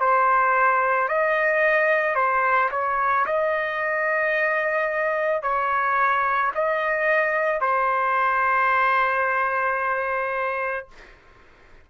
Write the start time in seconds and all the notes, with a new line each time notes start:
0.00 C5
1.09 D#5
2.15 C5
2.71 C#5
3.26 D#5
5.42 C#5
6.55 D#5
7.61 C5